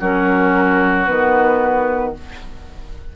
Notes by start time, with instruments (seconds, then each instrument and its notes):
0.00 bassoon F#3, clarinet C#4, oboe F#4, flute A#4
1.06 bassoon D#3, clarinet B3, flute B4